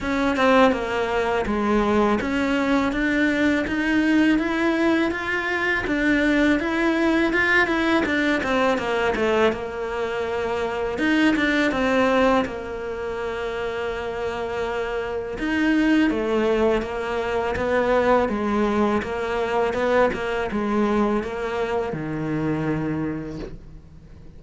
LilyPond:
\new Staff \with { instrumentName = "cello" } { \time 4/4 \tempo 4 = 82 cis'8 c'8 ais4 gis4 cis'4 | d'4 dis'4 e'4 f'4 | d'4 e'4 f'8 e'8 d'8 c'8 | ais8 a8 ais2 dis'8 d'8 |
c'4 ais2.~ | ais4 dis'4 a4 ais4 | b4 gis4 ais4 b8 ais8 | gis4 ais4 dis2 | }